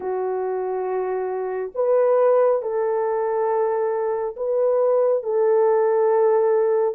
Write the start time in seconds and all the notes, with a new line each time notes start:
0.00 F#4
1.74 B4
2.61 A4
4.36 B4
5.23 A4